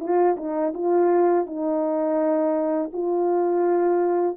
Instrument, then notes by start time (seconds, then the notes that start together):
horn
0.00 F4
0.37 D#4
0.74 F4
1.46 D#4
2.92 F4